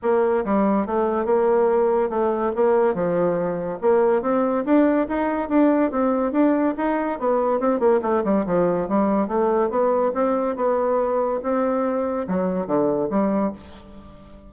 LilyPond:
\new Staff \with { instrumentName = "bassoon" } { \time 4/4 \tempo 4 = 142 ais4 g4 a4 ais4~ | ais4 a4 ais4 f4~ | f4 ais4 c'4 d'4 | dis'4 d'4 c'4 d'4 |
dis'4 b4 c'8 ais8 a8 g8 | f4 g4 a4 b4 | c'4 b2 c'4~ | c'4 fis4 d4 g4 | }